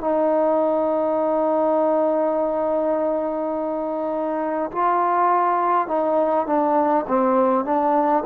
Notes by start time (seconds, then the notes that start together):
0.00 D#4
4.72 F4
5.88 D#4
6.47 D4
7.07 C4
7.65 D4